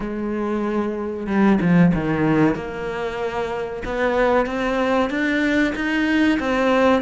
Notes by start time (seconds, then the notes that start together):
0.00 G#3
1.26 G3
1.61 F3
1.94 D#3
2.55 A#3
3.85 B3
4.46 C4
5.09 D4
5.74 D#4
6.39 C4